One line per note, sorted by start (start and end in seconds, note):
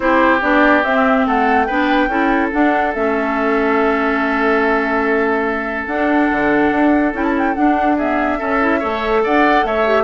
0.00 0.41 C4
0.00 0.40 E4
0.00 1.26 G4
0.00 0.41 C5
0.41 0.84 B3
0.41 0.83 D4
0.41 0.83 D5
0.83 1.26 C4
0.83 1.68 C4
0.83 1.25 E5
1.26 1.68 A3
1.26 1.66 A4
1.26 1.64 F#5
1.64 2.08 B3
1.64 2.09 D4
1.64 2.08 B4
1.64 2.48 G5
2.08 2.50 C#4
2.08 2.51 E4
2.08 7.97 A4
2.51 2.93 D4
2.51 2.94 D4
2.51 2.93 F#5
2.93 5.86 A3
2.93 5.88 C#4
2.93 5.86 E5
5.86 6.28 D4
5.86 7.13 D4
5.86 7.12 F#5
6.31 6.71 D3
6.71 7.13 D4
7.13 7.55 C#4
7.13 7.54 E4
7.13 7.24 G5
7.24 7.34 A5
7.37 7.54 G5
7.54 7.96 D4
7.54 8.41 D4
7.54 7.96 F#5
7.97 8.36 B3
7.97 8.38 G#4
7.97 9.23 E5
8.36 8.57 C#4
8.36 8.83 C#4
8.36 8.79 A4
8.60 8.81 E4
8.79 9.25 A3
8.79 9.85 A4
8.79 9.21 C#5
9.23 9.64 D4
9.23 9.65 D5
9.23 9.66 F#5
9.64 10.03 A3
9.64 10.03 C#5
9.64 10.03 E5
9.85 10.03 G4